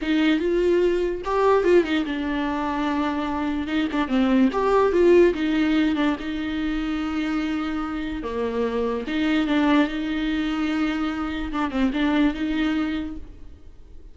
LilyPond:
\new Staff \with { instrumentName = "viola" } { \time 4/4 \tempo 4 = 146 dis'4 f'2 g'4 | f'8 dis'8 d'2.~ | d'4 dis'8 d'8 c'4 g'4 | f'4 dis'4. d'8 dis'4~ |
dis'1 | ais2 dis'4 d'4 | dis'1 | d'8 c'8 d'4 dis'2 | }